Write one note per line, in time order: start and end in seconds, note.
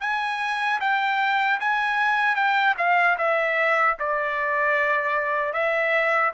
0.00 0.79 G#5
0.80 1.59 G5
1.60 2.35 G#5
2.35 2.75 G5
2.77 3.17 F5
3.18 3.97 E5
3.99 5.53 D5
5.53 6.32 E5